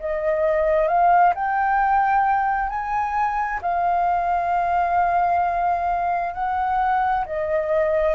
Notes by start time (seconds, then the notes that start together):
0.00 D#5
0.88 F5
1.35 G5
2.70 G#5
3.62 F5
6.34 F#5
7.26 D#5